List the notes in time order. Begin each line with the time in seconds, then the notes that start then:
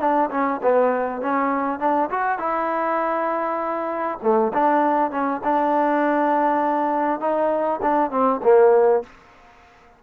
0.00 D4
0.31 C#4
0.63 B3
1.22 C#4
1.80 D4
2.10 F#4
2.39 E4
4.22 A3
4.54 D4
5.11 C#4
5.44 D4
7.20 D#4
7.83 D4
8.11 C4
8.43 A#3